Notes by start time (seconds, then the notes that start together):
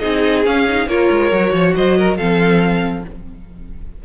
0.00 C4 D#4 G#4 D#5
0.45 C#4 F5
0.68 D#4
0.87 A#3 F4 A#4 C#5
1.11 G#3
1.32 F#3 F#4
1.53 F3 C#5
1.75 F#3 C5 D#5
1.98 A#4
2.18 F3 C4 A4 F5